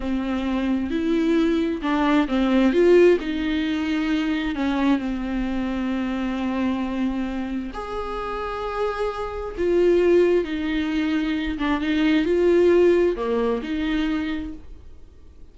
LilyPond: \new Staff \with { instrumentName = "viola" } { \time 4/4 \tempo 4 = 132 c'2 e'2 | d'4 c'4 f'4 dis'4~ | dis'2 cis'4 c'4~ | c'1~ |
c'4 gis'2.~ | gis'4 f'2 dis'4~ | dis'4. d'8 dis'4 f'4~ | f'4 ais4 dis'2 | }